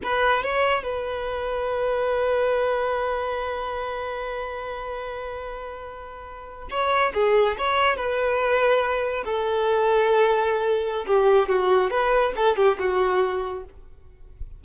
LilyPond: \new Staff \with { instrumentName = "violin" } { \time 4/4 \tempo 4 = 141 b'4 cis''4 b'2~ | b'1~ | b'1~ | b'2.~ b'8. cis''16~ |
cis''8. gis'4 cis''4 b'4~ b'16~ | b'4.~ b'16 a'2~ a'16~ | a'2 g'4 fis'4 | b'4 a'8 g'8 fis'2 | }